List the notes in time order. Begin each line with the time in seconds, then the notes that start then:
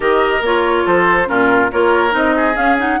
0.00 D#3 G4 A#4 D#5
0.41 A#3 F4 C#5
0.85 F3 A4 C5
1.25 A#2 C#4 F4 A#4
1.71 A#3 F4 A#4 C#5
2.11 C4 D#4 D#5
2.36 G#4
2.55 C#4 F5
2.78 D#4 F#5